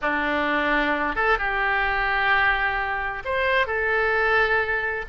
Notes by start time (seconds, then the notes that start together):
0.01 D4
1.15 A4
1.38 G4
3.25 C5
3.66 A4